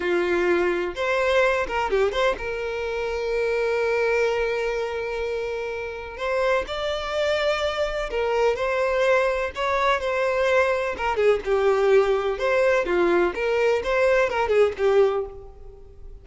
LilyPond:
\new Staff \with { instrumentName = "violin" } { \time 4/4 \tempo 4 = 126 f'2 c''4. ais'8 | g'8 c''8 ais'2.~ | ais'1~ | ais'4 c''4 d''2~ |
d''4 ais'4 c''2 | cis''4 c''2 ais'8 gis'8 | g'2 c''4 f'4 | ais'4 c''4 ais'8 gis'8 g'4 | }